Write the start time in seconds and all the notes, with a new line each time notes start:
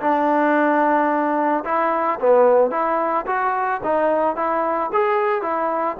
0.00 D4
1.64 E4
2.20 B3
2.70 E4
3.26 F#4
3.83 D#4
4.35 E4
4.92 G#4
5.42 E4